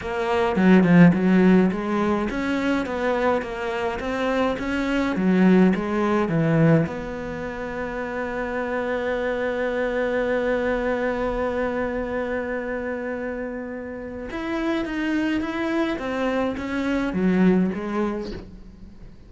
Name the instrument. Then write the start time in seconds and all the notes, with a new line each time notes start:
cello
0.01 A#3
0.56 F#3
0.83 F3
1.13 F#3
1.71 G#3
2.30 C#4
2.86 B3
3.42 A#3
3.99 C4
4.58 C#4
5.16 F#3
5.75 G#3
6.28 E3
6.86 B3
14.30 E4
14.85 D#4
15.40 E4
15.98 C4
16.57 C#4
17.13 F#3
17.74 G#3